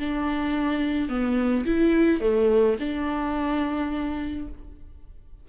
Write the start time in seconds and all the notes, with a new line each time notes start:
0.00 D4
1.09 B3
1.66 E4
2.21 A3
2.80 D4